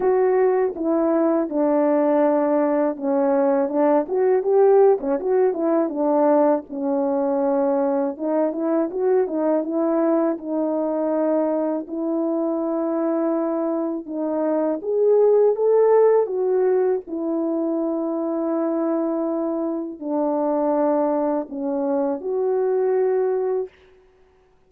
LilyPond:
\new Staff \with { instrumentName = "horn" } { \time 4/4 \tempo 4 = 81 fis'4 e'4 d'2 | cis'4 d'8 fis'8 g'8. cis'16 fis'8 e'8 | d'4 cis'2 dis'8 e'8 | fis'8 dis'8 e'4 dis'2 |
e'2. dis'4 | gis'4 a'4 fis'4 e'4~ | e'2. d'4~ | d'4 cis'4 fis'2 | }